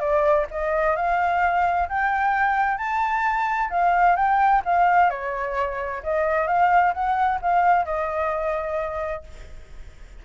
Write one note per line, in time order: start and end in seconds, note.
0.00 0.46 D5
0.51 0.96 D#5
0.96 1.88 F5
1.89 2.78 G5
2.78 3.70 A5
3.70 4.16 F5
4.16 4.62 G5
4.65 5.10 F5
5.10 6.02 C#5
6.03 6.47 D#5
6.47 6.93 F5
6.94 7.40 F#5
7.42 7.85 F5
7.85 9.23 D#5